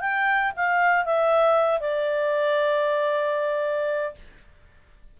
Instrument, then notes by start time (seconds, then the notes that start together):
clarinet
0.00 G5
0.56 F5
1.05 E5
1.80 D5